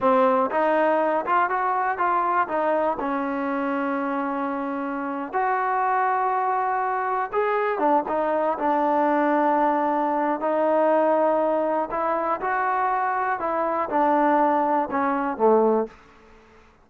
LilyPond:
\new Staff \with { instrumentName = "trombone" } { \time 4/4 \tempo 4 = 121 c'4 dis'4. f'8 fis'4 | f'4 dis'4 cis'2~ | cis'2~ cis'8. fis'4~ fis'16~ | fis'2~ fis'8. gis'4 d'16~ |
d'16 dis'4 d'2~ d'8.~ | d'4 dis'2. | e'4 fis'2 e'4 | d'2 cis'4 a4 | }